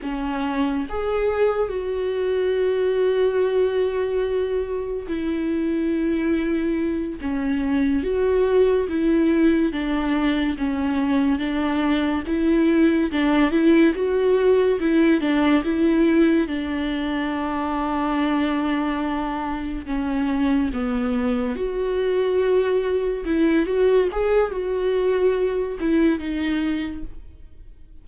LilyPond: \new Staff \with { instrumentName = "viola" } { \time 4/4 \tempo 4 = 71 cis'4 gis'4 fis'2~ | fis'2 e'2~ | e'8 cis'4 fis'4 e'4 d'8~ | d'8 cis'4 d'4 e'4 d'8 |
e'8 fis'4 e'8 d'8 e'4 d'8~ | d'2.~ d'8 cis'8~ | cis'8 b4 fis'2 e'8 | fis'8 gis'8 fis'4. e'8 dis'4 | }